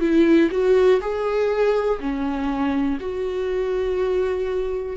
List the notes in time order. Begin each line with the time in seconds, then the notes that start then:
0.00 E4
0.51 F#4
1.01 G#4
2.00 C#4
3.00 F#4